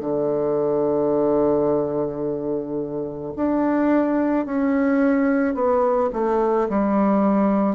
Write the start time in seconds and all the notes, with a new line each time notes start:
0.00 D3
3.36 D4
4.46 C#4
5.55 B3
6.13 A3
6.69 G3